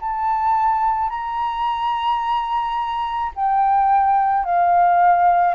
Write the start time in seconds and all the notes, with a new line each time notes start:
0.00 A5
1.10 A#5
3.36 G5
4.45 F5